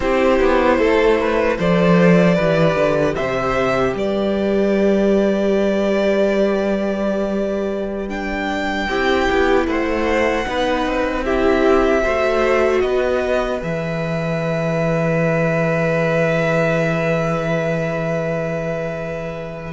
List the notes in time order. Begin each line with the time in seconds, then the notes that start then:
0.00 C4 E4 G4 C5
0.40 B3
0.78 A3 A4
1.19 B4
1.57 F3 A4 C5 D5
2.34 E3 G4 B4
2.75 D3
3.14 C3 C5 E5
3.94 G3 B4 D5
8.08 D4 G5
8.88 C4 E4 G4
9.30 B3
9.66 A3 C5 F#5
10.45 B3 D#4 B4
10.86 C4
11.24 E4 G4 E5
12.03 A3 F#4 C5
12.80 B3 B4 D#5
13.60 E3 G#4 E5